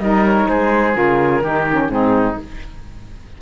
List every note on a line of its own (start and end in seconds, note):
0.00 0.48 G3
0.00 0.94 D#4
0.00 0.49 A#4
0.00 0.24 D#5
0.25 0.49 C#5
0.49 0.96 G#3
0.49 1.44 G#4
0.49 0.96 C5
0.94 1.42 C#3
0.94 1.41 F4
0.94 1.90 A#4
1.42 1.90 D#3
1.42 1.68 D#4
1.42 1.91 G4
1.71 1.91 C#4
1.90 2.37 G#2
1.90 2.38 C4
1.90 2.42 D#4
1.90 2.37 G#4